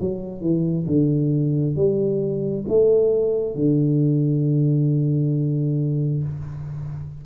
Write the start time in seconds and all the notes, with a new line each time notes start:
0.00 F#3
0.41 E3
0.86 D3
1.75 G3
2.68 A3
3.55 D3